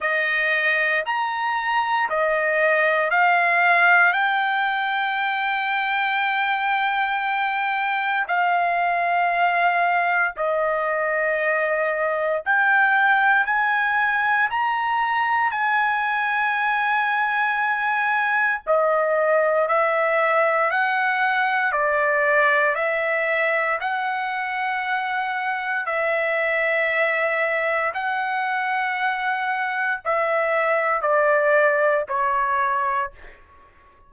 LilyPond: \new Staff \with { instrumentName = "trumpet" } { \time 4/4 \tempo 4 = 58 dis''4 ais''4 dis''4 f''4 | g''1 | f''2 dis''2 | g''4 gis''4 ais''4 gis''4~ |
gis''2 dis''4 e''4 | fis''4 d''4 e''4 fis''4~ | fis''4 e''2 fis''4~ | fis''4 e''4 d''4 cis''4 | }